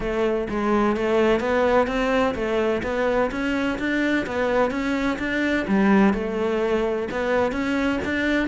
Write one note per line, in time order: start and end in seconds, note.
0.00 0.47 A3
0.49 0.96 G#3
0.96 1.39 A3
1.39 1.87 B3
1.87 2.34 C4
2.35 2.82 A3
2.83 3.30 B3
3.31 3.78 C#4
3.79 4.26 D4
4.26 4.70 B3
4.70 5.18 C#4
5.18 5.66 D4
5.67 6.13 G3
6.13 7.08 A3
7.11 7.52 B3
7.52 7.99 C#4
8.04 8.47 D4